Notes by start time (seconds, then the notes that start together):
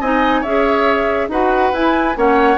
0.00 C4 D#4 D#5 G#5
0.40 C#4 G#4 C#5 E5
1.28 D#4 F#4 B4 F#5
1.72 E4 G#5
2.15 A#3 C#4 C#5 F#5